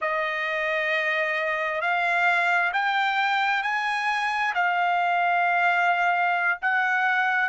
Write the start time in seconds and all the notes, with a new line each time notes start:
0.01 D#5
1.81 F5
2.73 G5
3.62 G#5
4.54 F5
6.61 F#5